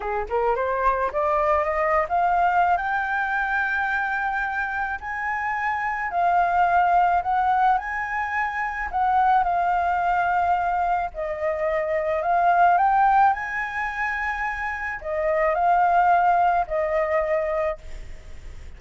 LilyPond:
\new Staff \with { instrumentName = "flute" } { \time 4/4 \tempo 4 = 108 gis'8 ais'8 c''4 d''4 dis''8. f''16~ | f''4 g''2.~ | g''4 gis''2 f''4~ | f''4 fis''4 gis''2 |
fis''4 f''2. | dis''2 f''4 g''4 | gis''2. dis''4 | f''2 dis''2 | }